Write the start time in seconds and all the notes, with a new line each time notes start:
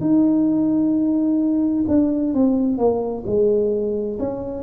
0.00 D#4
1.88 D4
2.33 C4
2.77 A#3
3.26 G#3
4.19 C#4